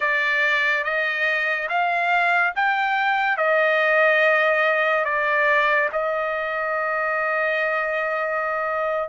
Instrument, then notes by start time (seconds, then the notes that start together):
trumpet
0.00 D5
0.84 D#5
1.69 F5
2.55 G5
3.37 D#5
5.04 D5
5.92 D#5